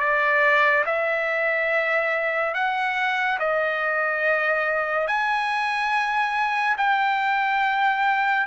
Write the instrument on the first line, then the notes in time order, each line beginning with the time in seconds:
trumpet
0.00 D5
0.86 E5
2.54 F#5
3.40 D#5
5.08 G#5
6.78 G5